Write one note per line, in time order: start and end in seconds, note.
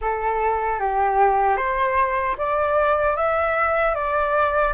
0.01 0.79 A4
0.79 1.56 G4
1.56 2.35 C5
2.37 3.16 D5
3.16 3.94 E5
3.94 4.73 D5